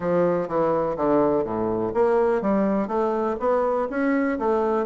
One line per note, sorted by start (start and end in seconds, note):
0.00 0.48 F3
0.48 0.96 E3
0.96 1.44 D3
1.44 1.92 A2
1.94 2.41 A#3
2.41 2.87 G3
2.87 3.36 A3
3.39 3.88 B3
3.90 4.38 C#4
4.38 4.85 A3